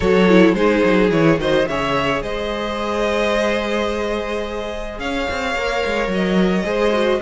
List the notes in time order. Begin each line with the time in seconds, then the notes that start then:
0.00 F#3 F#4 A4 C#5
0.29 E4
0.53 G#3 D#4 G#4 C5
0.84 F#3
1.10 E3 E4 C#5
1.37 D#3 F#4 C5 D#5
1.67 C#3 G#4 C#5 E5
2.22 G#3 C5 D#5
4.98 C#4 C#5 F5
5.30 C4
5.55 A#3 A#4
5.85 G#3
6.07 F#3
6.14 D#5
6.64 G#3 G#4 C5
6.93 F#4